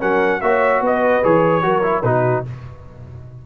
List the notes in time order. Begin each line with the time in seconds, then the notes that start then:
0.00 F#3 C#4 A#4 F#5
0.41 A#3 F#4 C#5 E5
0.81 B3 B4 D#5
1.23 E3 G#4 C#5
1.62 F#3 F#4 A#4
1.83 E4
2.03 B2 D#4 F#4 B4